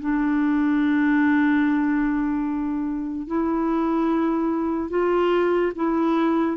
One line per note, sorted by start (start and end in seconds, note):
0.00 3.27 D4
3.27 4.89 E4
4.89 5.72 F4
5.75 6.57 E4